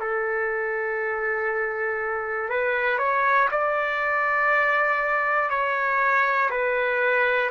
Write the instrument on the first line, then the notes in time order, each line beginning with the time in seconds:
trumpet
0.00 A4
2.50 B4
2.98 C#5
3.51 D5
5.50 C#5
6.50 B4